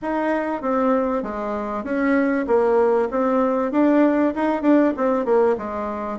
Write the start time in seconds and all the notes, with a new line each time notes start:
0.02 D#4
0.61 C4
1.23 G#3
1.84 C#4
2.47 A#3
3.11 C4
3.71 D4
4.35 D#4
4.62 D4
4.97 C4
5.25 A#3
5.57 G#3